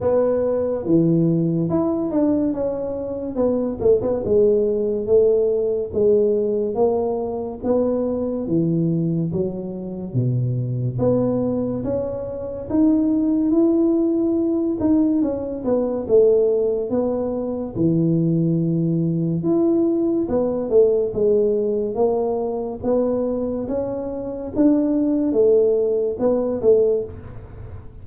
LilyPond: \new Staff \with { instrumentName = "tuba" } { \time 4/4 \tempo 4 = 71 b4 e4 e'8 d'8 cis'4 | b8 a16 b16 gis4 a4 gis4 | ais4 b4 e4 fis4 | b,4 b4 cis'4 dis'4 |
e'4. dis'8 cis'8 b8 a4 | b4 e2 e'4 | b8 a8 gis4 ais4 b4 | cis'4 d'4 a4 b8 a8 | }